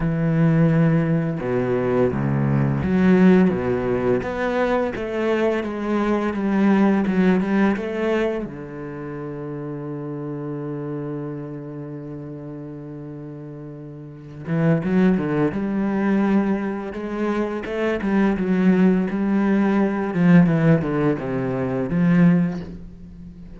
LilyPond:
\new Staff \with { instrumentName = "cello" } { \time 4/4 \tempo 4 = 85 e2 b,4 cis,4 | fis4 b,4 b4 a4 | gis4 g4 fis8 g8 a4 | d1~ |
d1~ | d8 e8 fis8 d8 g2 | gis4 a8 g8 fis4 g4~ | g8 f8 e8 d8 c4 f4 | }